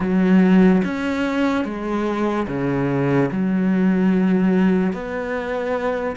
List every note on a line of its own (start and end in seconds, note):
0.00 0.81 F#3
0.84 1.64 C#4
1.64 2.47 G#3
2.47 3.30 C#3
3.31 4.92 F#3
4.92 6.16 B3